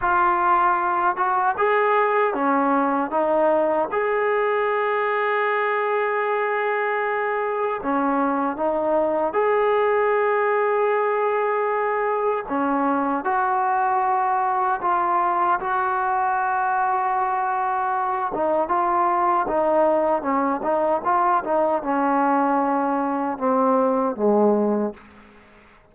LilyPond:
\new Staff \with { instrumentName = "trombone" } { \time 4/4 \tempo 4 = 77 f'4. fis'8 gis'4 cis'4 | dis'4 gis'2.~ | gis'2 cis'4 dis'4 | gis'1 |
cis'4 fis'2 f'4 | fis'2.~ fis'8 dis'8 | f'4 dis'4 cis'8 dis'8 f'8 dis'8 | cis'2 c'4 gis4 | }